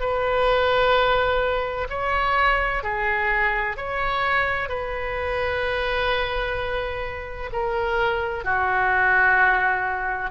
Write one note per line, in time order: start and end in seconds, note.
0.00 1.87 B4
1.90 2.83 C#5
2.83 3.76 G#4
3.76 4.69 C#5
4.69 7.50 B4
7.52 8.44 A#4
8.44 10.30 F#4